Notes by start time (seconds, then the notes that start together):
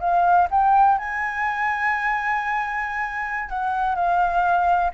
0.00 F5
0.50 G5
0.98 G#5
3.49 F#5
3.95 F5